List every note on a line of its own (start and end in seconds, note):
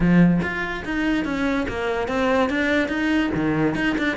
0.00 0.40 F3
0.42 0.84 F4
0.84 1.24 D#4
1.24 1.66 C#4
1.68 2.08 A#3
2.08 2.49 C4
2.49 2.88 D4
2.88 3.30 D#4
3.34 3.75 D#3
3.75 3.96 D#4
3.98 4.16 D4